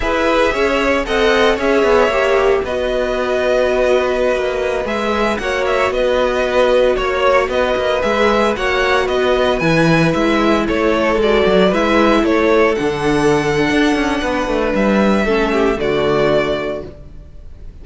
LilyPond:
<<
  \new Staff \with { instrumentName = "violin" } { \time 4/4 \tempo 4 = 114 e''2 fis''4 e''4~ | e''4 dis''2.~ | dis''4~ dis''16 e''4 fis''8 e''8 dis''8.~ | dis''4~ dis''16 cis''4 dis''4 e''8.~ |
e''16 fis''4 dis''4 gis''4 e''8.~ | e''16 cis''4 d''4 e''4 cis''8.~ | cis''16 fis''2.~ fis''8. | e''2 d''2 | }
  \new Staff \with { instrumentName = "violin" } { \time 4/4 b'4 cis''4 dis''4 cis''4~ | cis''4 b'2.~ | b'2~ b'16 cis''4 b'8.~ | b'4~ b'16 cis''4 b'4.~ b'16~ |
b'16 cis''4 b'2~ b'8.~ | b'16 a'2 b'4 a'8.~ | a'2. b'4~ | b'4 a'8 g'8 fis'2 | }
  \new Staff \with { instrumentName = "viola" } { \time 4/4 gis'2 a'4 gis'4 | g'4 fis'2.~ | fis'4~ fis'16 gis'4 fis'4.~ fis'16~ | fis'2.~ fis'16 gis'8.~ |
gis'16 fis'2 e'4.~ e'16~ | e'4~ e'16 fis'4 e'4.~ e'16~ | e'16 d'2.~ d'8.~ | d'4 cis'4 a2 | }
  \new Staff \with { instrumentName = "cello" } { \time 4/4 e'4 cis'4 c'4 cis'8 b8 | ais4 b2.~ | b16 ais4 gis4 ais4 b8.~ | b4~ b16 ais4 b8 ais8 gis8.~ |
gis16 ais4 b4 e4 gis8.~ | gis16 a4 gis8 fis8 gis4 a8.~ | a16 d4.~ d16 d'8 cis'8 b8 a8 | g4 a4 d2 | }
>>